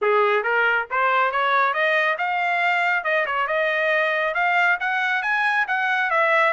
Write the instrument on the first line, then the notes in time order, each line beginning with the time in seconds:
trumpet
0.01 G#4
0.43 A#4
0.90 C5
1.31 C#5
1.73 D#5
2.18 F5
3.04 D#5
3.26 C#5
3.47 D#5
4.34 F5
4.79 F#5
5.22 G#5
5.67 F#5
6.10 E5